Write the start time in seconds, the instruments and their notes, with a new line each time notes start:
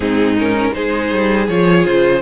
0.00 cello G#2, viola C4, violin D#4 G#4
0.38 viola C#4, violin A#4
0.73 cello G#3, viola D#4, violin G#4 C5
1.11 cello G3
1.48 cello F3, viola F4, violin C#5
1.84 cello C#3, violin C5